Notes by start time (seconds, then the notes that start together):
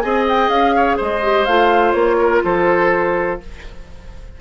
0.00 C4 G#4 D#5 G#5
0.29 G5
0.49 C#4 F5
0.75 C#5
0.97 G#3 C5 D#5
1.22 G4
1.45 A3 F4 F5
1.92 A#3 C#5
2.19 A#4
2.44 F3 A4 C5